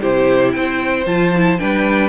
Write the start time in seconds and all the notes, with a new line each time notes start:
0.00 C3 E4 G4 C5
0.52 C4 C5 G5
1.06 F3 F4 A5
1.36 E4
1.58 G3 D4 B4 G5